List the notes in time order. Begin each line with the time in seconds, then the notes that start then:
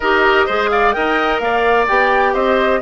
0.00 D#4 G4 A#4 D#5
0.46 G#3 G#4 C5
0.70 D5 F5
0.92 D#4 A#4 D#5 G5
1.39 A#3 D5 F5
1.87 B3 G4 G5
2.33 C4 C5 D#5